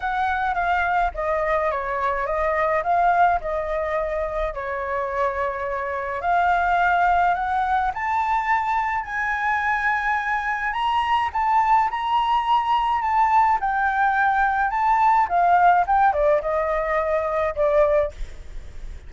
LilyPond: \new Staff \with { instrumentName = "flute" } { \time 4/4 \tempo 4 = 106 fis''4 f''4 dis''4 cis''4 | dis''4 f''4 dis''2 | cis''2. f''4~ | f''4 fis''4 a''2 |
gis''2. ais''4 | a''4 ais''2 a''4 | g''2 a''4 f''4 | g''8 d''8 dis''2 d''4 | }